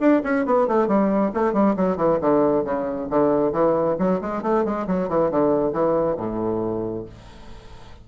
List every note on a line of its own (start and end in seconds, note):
0.00 0.22 D4
0.23 0.46 C#4
0.46 0.67 B3
0.67 0.87 A3
0.87 1.31 G3
1.34 1.53 A3
1.53 1.75 G3
1.76 1.97 F#3
1.97 2.19 E3
2.21 2.64 D3
2.64 3.08 C#3
3.10 3.52 D3
3.52 3.96 E3
3.98 4.21 F#3
4.21 4.43 G#3
4.43 4.65 A3
4.65 4.87 G#3
4.87 5.09 F#3
5.09 5.31 E3
5.31 5.73 D3
5.73 6.17 E3
6.17 7.05 A2